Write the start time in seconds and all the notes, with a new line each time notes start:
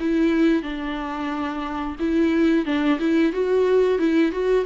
0.00 E4
0.63 D4
1.99 E4
2.65 D4
2.99 E4
3.33 F#4
3.99 E4
4.32 F#4